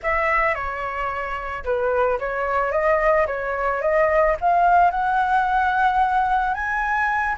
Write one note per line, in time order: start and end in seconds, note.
0.02 0.54 E5
0.54 1.63 C#5
1.64 2.18 B4
2.19 2.71 C#5
2.71 3.26 D#5
3.27 3.81 C#5
3.81 4.36 D#5
4.40 4.90 F5
4.90 6.54 F#5
6.54 7.36 G#5